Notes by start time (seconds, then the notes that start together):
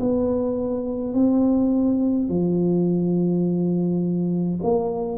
0.00 B3
1.14 C4
2.29 F3
4.63 A#3